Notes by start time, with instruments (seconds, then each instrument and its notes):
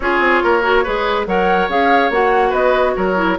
0.00 bassoon C#4, clarinet F4, oboe G#4, flute C#5
0.19 bassoon C4
0.43 bassoon A#3, oboe A#4
0.62 clarinet F#4
0.83 bassoon G#3, clarinet G#4, oboe B4
1.26 bassoon F#3, clarinet A#4, oboe C#5, flute F#5
1.68 bassoon C#4, clarinet G#4, flute F5
2.10 bassoon A#3, clarinet F#4, flute F#5
2.49 bassoon B3, oboe B4, flute D#5
2.96 bassoon F#3, oboe A#4, flute C#5
3.15 clarinet E4